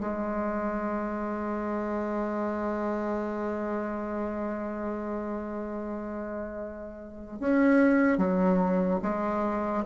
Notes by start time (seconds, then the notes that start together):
0.00 G#3
7.39 C#4
8.18 F#3
9.02 G#3